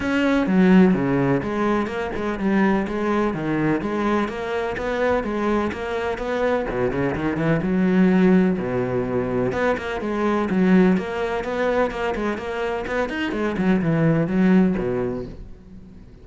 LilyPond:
\new Staff \with { instrumentName = "cello" } { \time 4/4 \tempo 4 = 126 cis'4 fis4 cis4 gis4 | ais8 gis8 g4 gis4 dis4 | gis4 ais4 b4 gis4 | ais4 b4 b,8 cis8 dis8 e8 |
fis2 b,2 | b8 ais8 gis4 fis4 ais4 | b4 ais8 gis8 ais4 b8 dis'8 | gis8 fis8 e4 fis4 b,4 | }